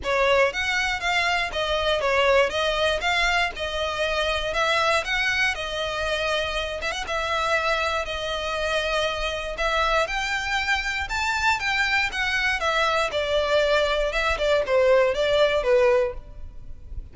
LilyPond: \new Staff \with { instrumentName = "violin" } { \time 4/4 \tempo 4 = 119 cis''4 fis''4 f''4 dis''4 | cis''4 dis''4 f''4 dis''4~ | dis''4 e''4 fis''4 dis''4~ | dis''4. e''16 fis''16 e''2 |
dis''2. e''4 | g''2 a''4 g''4 | fis''4 e''4 d''2 | e''8 d''8 c''4 d''4 b'4 | }